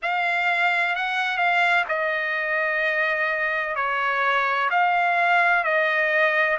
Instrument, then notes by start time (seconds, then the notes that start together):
trumpet
0.02 F5
0.95 F#5
1.37 F5
1.88 D#5
3.75 C#5
4.70 F5
5.63 D#5